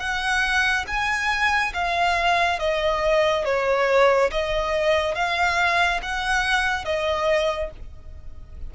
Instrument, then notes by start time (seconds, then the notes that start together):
violin
0.00 F#5
0.87 G#5
1.73 F5
2.59 D#5
3.45 C#5
4.31 D#5
5.15 F5
6.03 F#5
6.85 D#5